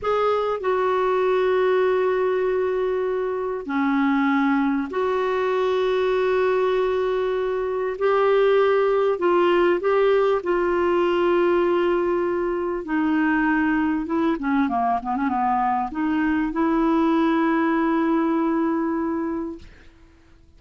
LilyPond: \new Staff \with { instrumentName = "clarinet" } { \time 4/4 \tempo 4 = 98 gis'4 fis'2.~ | fis'2 cis'2 | fis'1~ | fis'4 g'2 f'4 |
g'4 f'2.~ | f'4 dis'2 e'8 cis'8 | ais8 b16 cis'16 b4 dis'4 e'4~ | e'1 | }